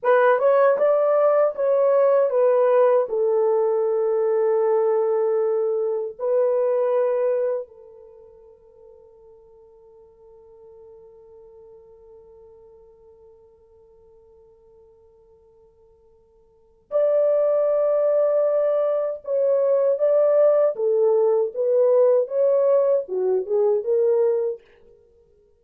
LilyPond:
\new Staff \with { instrumentName = "horn" } { \time 4/4 \tempo 4 = 78 b'8 cis''8 d''4 cis''4 b'4 | a'1 | b'2 a'2~ | a'1~ |
a'1~ | a'2 d''2~ | d''4 cis''4 d''4 a'4 | b'4 cis''4 fis'8 gis'8 ais'4 | }